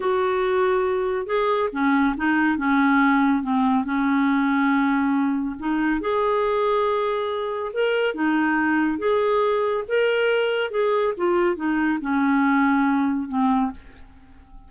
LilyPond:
\new Staff \with { instrumentName = "clarinet" } { \time 4/4 \tempo 4 = 140 fis'2. gis'4 | cis'4 dis'4 cis'2 | c'4 cis'2.~ | cis'4 dis'4 gis'2~ |
gis'2 ais'4 dis'4~ | dis'4 gis'2 ais'4~ | ais'4 gis'4 f'4 dis'4 | cis'2. c'4 | }